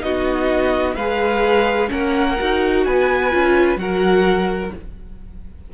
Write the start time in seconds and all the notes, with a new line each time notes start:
0.00 B3 D#4 F#4 D#5
0.95 G#3 G#4 B4 F5
1.88 A#3 C#4 A#4 F#5
2.39 D#4 F#4
2.85 B3 B4 G#5
3.31 C#4 F4
3.76 F#3 F#4 A#4 F#5